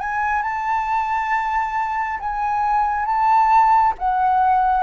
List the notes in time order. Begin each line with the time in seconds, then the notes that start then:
0.00 G#5
0.43 A5
2.20 G#5
3.06 A5
3.98 F#5